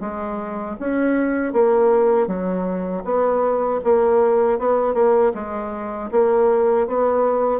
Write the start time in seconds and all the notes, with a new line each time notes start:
0.00 G#3
0.79 C#4
1.52 A#3
2.27 F#3
3.04 B3
3.84 A#3
4.58 B3
4.94 A#3
5.34 G#3
6.11 A#3
6.87 B3